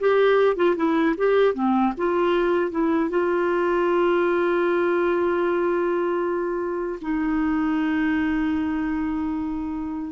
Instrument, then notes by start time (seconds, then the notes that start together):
clarinet
0.00 G4
0.56 F4
0.77 E4
1.18 G4
1.54 C4
1.98 F4
2.71 E4
3.10 F4
7.01 D#4